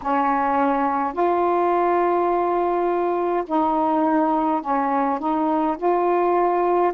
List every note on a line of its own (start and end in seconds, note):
0.02 1.13 C#4
1.13 3.44 F4
3.46 4.62 D#4
4.62 5.19 C#4
5.19 5.76 D#4
5.77 6.92 F4